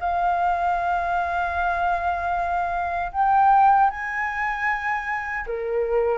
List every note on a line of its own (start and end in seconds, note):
0.00 3.12 F5
3.12 3.90 G5
3.90 5.46 G#5
5.47 6.18 A#4